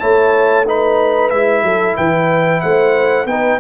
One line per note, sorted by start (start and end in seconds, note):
0.00 1.32 A3
0.00 0.65 E4
0.00 0.66 C#5
0.00 0.65 A5
0.66 1.32 D#4
0.66 1.64 B4
0.66 1.30 B5
1.30 1.63 G#3
1.30 3.27 E4
1.30 1.95 E5
1.63 1.96 F#3
1.63 1.97 A4
1.97 2.63 E3
1.97 2.62 B4
1.97 2.61 G5
2.61 3.26 A3
2.61 3.28 C5
2.61 3.26 F#5
3.26 3.59 B3
3.26 3.60 D#4
3.26 3.60 B4
3.26 3.60 G5